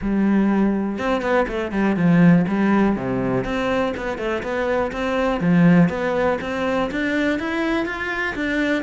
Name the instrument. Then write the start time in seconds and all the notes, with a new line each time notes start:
cello
0.01 G3
0.98 C4
1.21 B3
1.48 A3
1.71 G3
1.96 F3
2.48 G3
2.96 C3
3.44 C4
3.96 B3
4.18 A3
4.42 B3
4.92 C4
5.40 F3
5.89 B3
6.41 C4
6.91 D4
7.39 E4
7.85 F4
8.35 D4